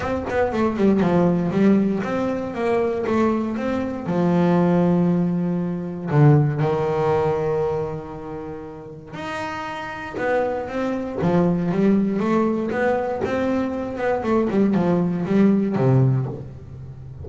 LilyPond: \new Staff \with { instrumentName = "double bass" } { \time 4/4 \tempo 4 = 118 c'8 b8 a8 g8 f4 g4 | c'4 ais4 a4 c'4 | f1 | d4 dis2.~ |
dis2 dis'2 | b4 c'4 f4 g4 | a4 b4 c'4. b8 | a8 g8 f4 g4 c4 | }